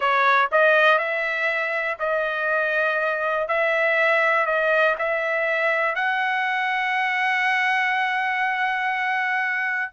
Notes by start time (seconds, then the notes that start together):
0.00 C#5
0.51 D#5
0.98 E5
1.99 D#5
3.48 E5
4.46 D#5
4.98 E5
5.95 F#5